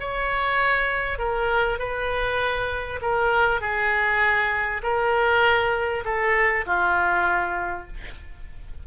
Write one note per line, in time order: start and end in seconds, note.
0.00 1.18 C#5
1.18 1.79 A#4
1.79 3.00 B4
3.02 3.61 A#4
3.61 4.82 G#4
4.83 6.04 A#4
6.05 6.66 A4
6.66 7.87 F4